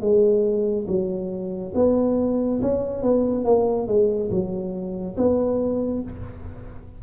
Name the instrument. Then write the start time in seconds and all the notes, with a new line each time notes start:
tuba
0.00 G#3
0.87 F#3
1.75 B3
2.61 C#4
3.02 B3
3.44 A#3
3.87 G#3
4.30 F#3
5.17 B3